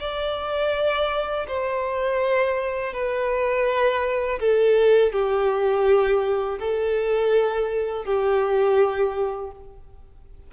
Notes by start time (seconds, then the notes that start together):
0.00 D5
1.48 C5
2.93 B4
4.40 A4
5.13 G4
6.59 A4
8.05 G4